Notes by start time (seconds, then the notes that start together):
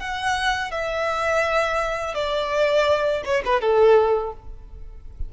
0.00 F#5
0.71 E5
2.15 D5
3.25 C#5
3.46 B4
3.61 A4